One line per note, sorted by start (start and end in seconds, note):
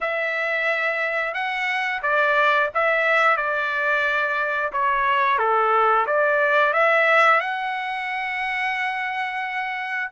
0.00 1.33 E5
1.33 2.01 F#5
2.02 2.70 D5
2.74 3.36 E5
3.36 4.71 D5
4.72 5.38 C#5
5.38 6.06 A4
6.06 6.73 D5
6.73 7.40 E5
7.40 10.09 F#5